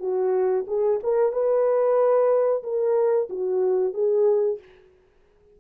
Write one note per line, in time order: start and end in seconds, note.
0.00 0.65 F#4
0.67 1.00 G#4
1.03 1.33 A#4
1.33 2.63 B4
2.63 3.28 A#4
3.30 3.94 F#4
3.94 4.59 G#4